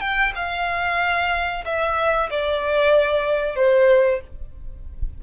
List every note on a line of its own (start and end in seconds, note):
0.00 0.32 G5
0.35 1.64 F5
1.65 2.30 E5
2.30 3.56 D5
3.56 4.20 C5